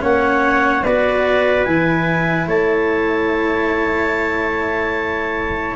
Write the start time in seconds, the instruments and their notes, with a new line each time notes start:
0.00 tuba A#3, cello C#4, trumpet C#5, clarinet F#5
0.84 tuba B3, cello F#4, trumpet B4, clarinet D5
1.65 tuba E3, cello E4, clarinet G#5
2.47 tuba A3, trumpet C#5, clarinet A5